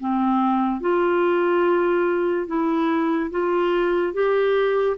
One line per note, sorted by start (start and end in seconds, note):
0.00 0.81 C4
0.81 2.47 F4
2.47 3.30 E4
3.31 4.14 F4
4.14 4.97 G4